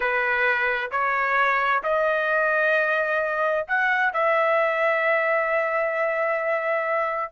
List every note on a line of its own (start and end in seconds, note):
0.00 0.91 B4
0.91 1.82 C#5
1.83 3.66 D#5
3.67 4.13 F#5
4.13 7.32 E5